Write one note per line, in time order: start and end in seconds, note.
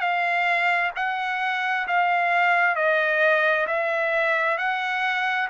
0.00 0.91 F5
0.96 1.87 F#5
1.87 2.75 F5
2.75 3.66 D#5
3.67 4.57 E5
4.57 5.48 F#5